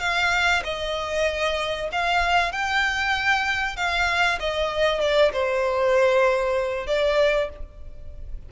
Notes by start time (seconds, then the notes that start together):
0.00 F5
0.64 D#5
1.92 F5
2.52 G5
3.76 F5
4.39 D#5
5.00 D5
5.33 C5
6.87 D5